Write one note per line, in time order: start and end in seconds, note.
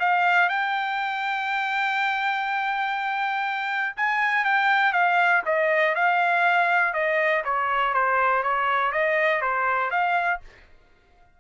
0.00 0.49 F5
0.49 3.96 G5
3.97 4.45 G#5
4.45 4.93 G5
4.93 5.43 F5
5.46 5.95 D#5
5.95 6.94 F5
6.94 7.43 D#5
7.45 7.94 C#5
7.94 8.43 C5
8.43 8.93 C#5
8.93 9.42 D#5
9.42 9.91 C5
9.91 10.40 F5